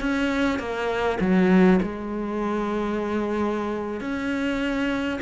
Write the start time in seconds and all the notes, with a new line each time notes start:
0.00 C#4
0.59 A#3
1.20 F#3
1.82 G#3
4.00 C#4